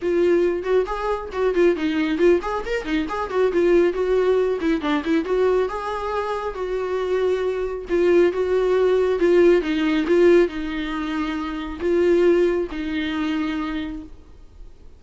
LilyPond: \new Staff \with { instrumentName = "viola" } { \time 4/4 \tempo 4 = 137 f'4. fis'8 gis'4 fis'8 f'8 | dis'4 f'8 gis'8 ais'8 dis'8 gis'8 fis'8 | f'4 fis'4. e'8 d'8 e'8 | fis'4 gis'2 fis'4~ |
fis'2 f'4 fis'4~ | fis'4 f'4 dis'4 f'4 | dis'2. f'4~ | f'4 dis'2. | }